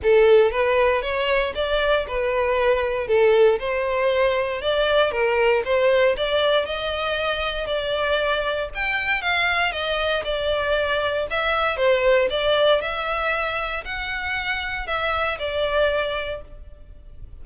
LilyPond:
\new Staff \with { instrumentName = "violin" } { \time 4/4 \tempo 4 = 117 a'4 b'4 cis''4 d''4 | b'2 a'4 c''4~ | c''4 d''4 ais'4 c''4 | d''4 dis''2 d''4~ |
d''4 g''4 f''4 dis''4 | d''2 e''4 c''4 | d''4 e''2 fis''4~ | fis''4 e''4 d''2 | }